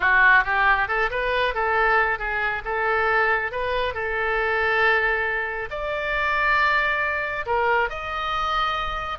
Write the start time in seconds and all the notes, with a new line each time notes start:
0.00 F#4
0.44 G4
0.88 A4
1.10 B4
1.54 A4
2.18 G#4
2.64 A4
3.51 B4
3.94 A4
5.70 D5
7.46 A#4
7.89 D#5